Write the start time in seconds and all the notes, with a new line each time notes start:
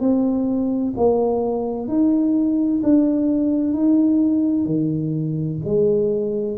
0.00 C4
0.96 A#3
1.87 D#4
2.83 D4
3.73 D#4
4.65 D#3
5.64 G#3